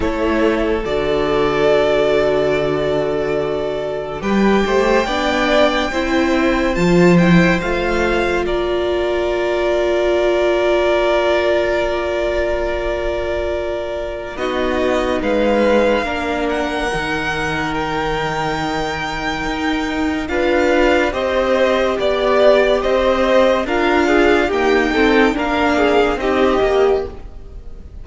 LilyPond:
<<
  \new Staff \with { instrumentName = "violin" } { \time 4/4 \tempo 4 = 71 cis''4 d''2.~ | d''4 g''2. | a''8 g''8 f''4 d''2~ | d''1~ |
d''4 dis''4 f''4. fis''8~ | fis''4 g''2. | f''4 dis''4 d''4 dis''4 | f''4 g''4 f''4 dis''4 | }
  \new Staff \with { instrumentName = "violin" } { \time 4/4 a'1~ | a'4 b'8 c''8 d''4 c''4~ | c''2 ais'2~ | ais'1~ |
ais'4 fis'4 b'4 ais'4~ | ais'1 | b'4 c''4 d''4 c''4 | ais'8 gis'8 g'8 a'8 ais'8 gis'8 g'4 | }
  \new Staff \with { instrumentName = "viola" } { \time 4/4 e'4 fis'2.~ | fis'4 g'4 d'4 e'4 | f'8 e'8 f'2.~ | f'1~ |
f'4 dis'2 d'4 | dis'1 | f'4 g'2. | f'4 ais8 c'8 d'4 dis'8 g'8 | }
  \new Staff \with { instrumentName = "cello" } { \time 4/4 a4 d2.~ | d4 g8 a8 b4 c'4 | f4 a4 ais2~ | ais1~ |
ais4 b4 gis4 ais4 | dis2. dis'4 | d'4 c'4 b4 c'4 | d'4 dis'4 ais4 c'8 ais8 | }
>>